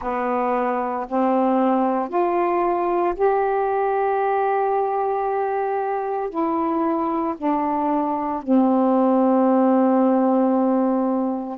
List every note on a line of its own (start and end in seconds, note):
0.01 1.07 B3
1.08 2.09 C4
2.09 3.14 F4
3.15 6.29 G4
6.29 7.34 E4
7.37 8.42 D4
8.42 11.58 C4